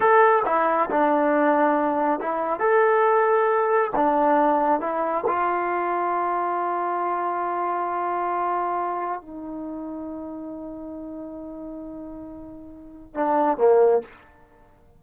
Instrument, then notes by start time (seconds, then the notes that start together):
trombone
0.00 A4
0.45 E4
0.90 D4
2.20 E4
2.59 A4
3.95 D4
4.80 E4
5.27 F4
9.21 D#4
13.14 D4
13.57 A#3